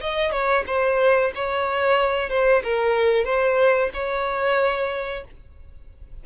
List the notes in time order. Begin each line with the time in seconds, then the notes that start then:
0.00 D#5
0.31 C#5
0.66 C5
1.35 C#5
2.29 C5
2.63 A#4
3.24 C5
3.93 C#5